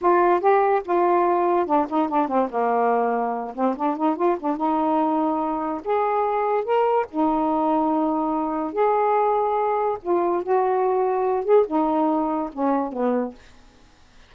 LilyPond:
\new Staff \with { instrumentName = "saxophone" } { \time 4/4 \tempo 4 = 144 f'4 g'4 f'2 | d'8 dis'8 d'8 c'8 ais2~ | ais8 c'8 d'8 dis'8 f'8 d'8 dis'4~ | dis'2 gis'2 |
ais'4 dis'2.~ | dis'4 gis'2. | f'4 fis'2~ fis'8 gis'8 | dis'2 cis'4 b4 | }